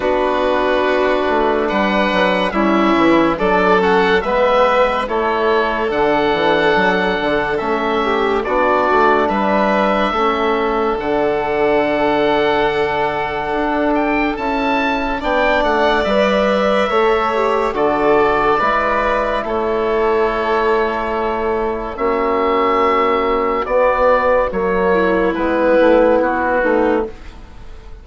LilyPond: <<
  \new Staff \with { instrumentName = "oboe" } { \time 4/4 \tempo 4 = 71 b'2 fis''4 e''4 | d''8 fis''8 e''4 cis''4 fis''4~ | fis''4 e''4 d''4 e''4~ | e''4 fis''2.~ |
fis''8 g''8 a''4 g''8 fis''8 e''4~ | e''4 d''2 cis''4~ | cis''2 e''2 | d''4 cis''4 b'4 fis'4 | }
  \new Staff \with { instrumentName = "violin" } { \time 4/4 fis'2 b'4 e'4 | a'4 b'4 a'2~ | a'4. g'8 fis'4 b'4 | a'1~ |
a'2 d''2 | cis''4 a'4 b'4 a'4~ | a'2 fis'2~ | fis'4. e'2 dis'8 | }
  \new Staff \with { instrumentName = "trombone" } { \time 4/4 d'2. cis'4 | d'8 cis'8 b4 e'4 d'4~ | d'4 cis'4 d'2 | cis'4 d'2.~ |
d'4 e'4 d'4 b'4 | a'8 g'8 fis'4 e'2~ | e'2 cis'2 | b4 ais4 b2 | }
  \new Staff \with { instrumentName = "bassoon" } { \time 4/4 b4. a8 g8 fis8 g8 e8 | fis4 gis4 a4 d8 e8 | fis8 d8 a4 b8 a8 g4 | a4 d2. |
d'4 cis'4 b8 a8 g4 | a4 d4 gis4 a4~ | a2 ais2 | b4 fis4 gis8 a8 b8 a8 | }
>>